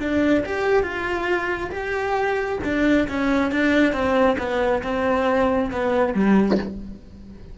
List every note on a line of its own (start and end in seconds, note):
0.00 0.44 D4
0.45 0.83 G4
0.83 1.70 F4
1.71 2.59 G4
2.64 3.08 D4
3.08 3.51 C#4
3.51 3.93 D4
3.93 4.37 C4
4.38 4.82 B3
4.83 5.71 C4
5.71 6.14 B3
6.14 6.58 G3